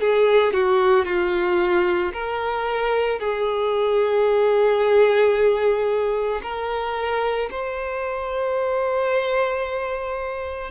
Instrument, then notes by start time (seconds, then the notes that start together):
violin
0.00 G#4
0.53 F#4
1.05 F4
2.13 A#4
3.19 G#4
6.42 A#4
7.50 C5